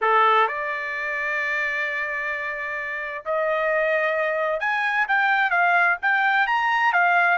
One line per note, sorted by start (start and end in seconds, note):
0.01 0.47 A4
0.47 3.24 D5
3.25 4.60 D#5
4.60 5.06 G#5
5.08 5.50 G5
5.50 5.96 F5
6.02 6.47 G5
6.47 6.93 A#5
6.93 7.38 F5